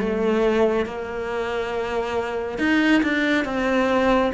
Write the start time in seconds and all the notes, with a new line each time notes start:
0.00 A3
0.86 A#3
2.59 D#4
3.04 D4
3.45 C4